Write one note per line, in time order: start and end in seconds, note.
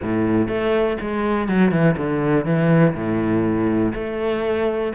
0.02 0.48 A2
0.48 0.97 A3
1.01 1.48 G#3
1.48 1.71 F#3
1.71 1.96 E3
1.97 2.45 D3
2.45 2.94 E3
2.94 3.93 A2
3.94 4.92 A3